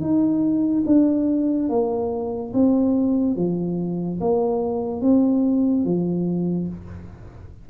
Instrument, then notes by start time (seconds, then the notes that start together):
tuba
0.00 D#4
0.86 D4
1.69 A#3
2.53 C4
3.36 F3
4.20 A#3
5.01 C4
5.85 F3